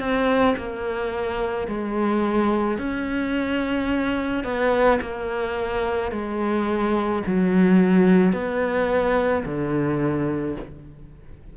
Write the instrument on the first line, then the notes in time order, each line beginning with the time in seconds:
cello
0.00 C4
0.58 A#3
1.68 G#3
2.78 C#4
4.44 B3
5.01 A#3
6.12 G#3
7.26 F#3
8.33 B3
9.45 D3